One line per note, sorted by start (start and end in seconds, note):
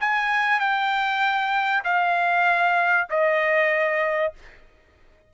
0.00 0.60 G#5
0.60 1.83 G5
1.84 3.08 F5
3.10 4.33 D#5